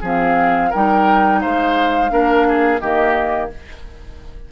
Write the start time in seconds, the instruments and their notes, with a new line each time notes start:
0.00 bassoon F3, clarinet C4, oboe G#4, flute F5
0.70 bassoon G3, clarinet D#4, oboe A#4, flute G5
1.41 bassoon G#3, oboe C5, flute F5
2.09 bassoon A#3, clarinet D4, oboe A#4
2.48 oboe G#4
2.80 bassoon D#3, clarinet A#3, oboe G4, flute D#5